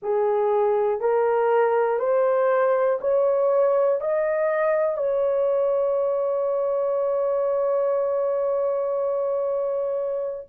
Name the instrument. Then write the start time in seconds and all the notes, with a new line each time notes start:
horn
0.02 G#4
1.00 A#4
1.99 C5
3.00 C#5
4.00 D#5
4.97 C#5